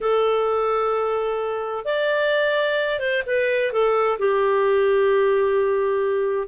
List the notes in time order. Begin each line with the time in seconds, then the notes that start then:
0.00 A4
1.84 D5
2.99 C5
3.26 B4
3.72 A4
4.18 G4